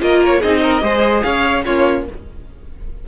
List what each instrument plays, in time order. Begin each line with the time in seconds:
0.00 cello A#3, viola F4, violin A#4 D#5
0.25 violin C#5
0.40 cello C4, viola D#4, violin G#4 D#5
0.62 violin A#4
0.81 cello G#3, viola G#4, violin C5
1.23 cello C#4, violin C#5 F5
1.65 cello A#3, viola C#4, violin F4 C#5